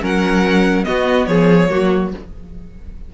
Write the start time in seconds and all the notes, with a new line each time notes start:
0.00 F#3 C#4 A#4 F#5
0.83 B3 F#4 D#5
1.26 F3 G#4 C#5
1.69 F#3 A#3 F#4